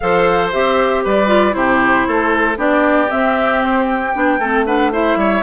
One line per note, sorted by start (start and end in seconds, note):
0.00 0.53 F3
0.00 0.52 A4
0.00 1.03 C5
0.00 0.49 F5
0.52 1.05 C4
0.52 1.27 G4
0.52 1.04 E5
1.03 1.55 G3
1.03 1.55 B4
1.03 1.53 D5
1.27 1.52 F4
1.52 2.06 C3
1.52 2.55 E4
1.52 2.07 G4
1.52 2.57 C5
2.07 2.57 A3
2.07 2.57 A4
2.56 3.08 B3
2.56 3.08 D4
2.56 4.38 G4
2.56 3.10 D5
3.09 4.12 C4
3.09 4.15 C4
3.09 3.62 E5
3.63 3.84 C5
3.84 4.62 G5
4.13 4.38 B3
4.13 4.39 D4
4.38 5.16 A3
4.38 4.66 C4
4.38 4.65 A4
4.66 4.92 D4
4.66 4.92 B4
4.66 4.92 F#5
4.92 5.42 E4
4.92 5.18 C5
4.92 5.42 E5
5.16 5.41 G3
5.16 5.42 C#5